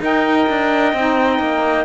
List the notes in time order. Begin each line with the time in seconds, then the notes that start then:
0.00 D#4 A#4 D#5 G5
0.49 D4
0.93 C4 D#4
1.39 A#3